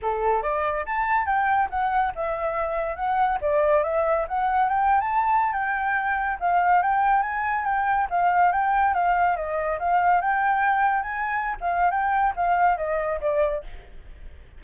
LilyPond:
\new Staff \with { instrumentName = "flute" } { \time 4/4 \tempo 4 = 141 a'4 d''4 a''4 g''4 | fis''4 e''2 fis''4 | d''4 e''4 fis''4 g''8. a''16~ | a''4 g''2 f''4 |
g''4 gis''4 g''4 f''4 | g''4 f''4 dis''4 f''4 | g''2 gis''4~ gis''16 f''8. | g''4 f''4 dis''4 d''4 | }